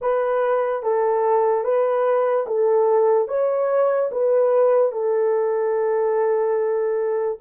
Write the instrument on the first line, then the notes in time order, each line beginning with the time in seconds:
horn
0.01 B4
0.83 A4
1.64 B4
2.46 A4
3.28 C#5
4.11 B4
4.91 A4